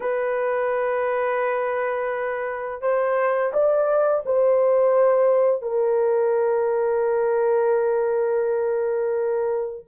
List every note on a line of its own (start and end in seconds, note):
0.00 2.81 B4
2.81 3.52 C5
3.53 4.23 D5
4.25 5.62 C5
5.62 9.85 A#4